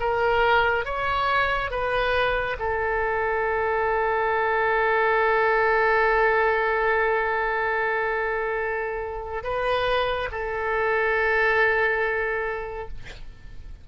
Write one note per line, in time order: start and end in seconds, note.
0.00 0.85 A#4
0.85 1.71 C#5
1.71 2.57 B4
2.59 9.44 A4
9.44 10.29 B4
10.32 12.89 A4